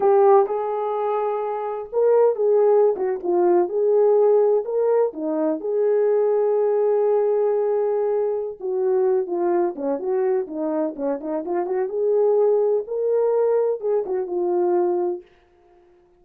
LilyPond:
\new Staff \with { instrumentName = "horn" } { \time 4/4 \tempo 4 = 126 g'4 gis'2. | ais'4 gis'4~ gis'16 fis'8 f'4 gis'16~ | gis'4.~ gis'16 ais'4 dis'4 gis'16~ | gis'1~ |
gis'2 fis'4. f'8~ | f'8 cis'8 fis'4 dis'4 cis'8 dis'8 | f'8 fis'8 gis'2 ais'4~ | ais'4 gis'8 fis'8 f'2 | }